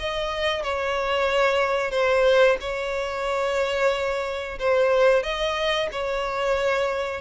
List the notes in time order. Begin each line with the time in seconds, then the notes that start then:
0.00 D#5
0.64 C#5
1.92 C5
2.61 C#5
4.60 C5
5.24 D#5
5.92 C#5